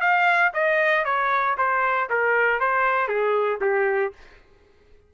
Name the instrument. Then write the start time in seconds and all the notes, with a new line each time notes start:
trumpet
0.00 F5
0.53 D#5
1.05 C#5
1.57 C5
2.09 A#4
2.60 C5
3.08 G#4
3.61 G4